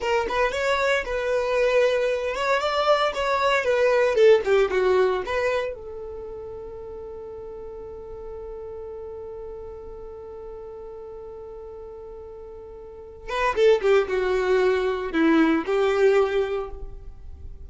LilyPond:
\new Staff \with { instrumentName = "violin" } { \time 4/4 \tempo 4 = 115 ais'8 b'8 cis''4 b'2~ | b'8 cis''8 d''4 cis''4 b'4 | a'8 g'8 fis'4 b'4 a'4~ | a'1~ |
a'1~ | a'1~ | a'4. b'8 a'8 g'8 fis'4~ | fis'4 e'4 g'2 | }